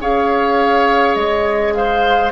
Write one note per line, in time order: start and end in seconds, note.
0.00 1.15 C#4
0.00 2.31 G#4
0.00 1.74 C#5
0.00 1.15 F5
1.15 2.31 G#3
1.15 1.73 D#5
1.74 2.31 C5
1.74 2.31 F5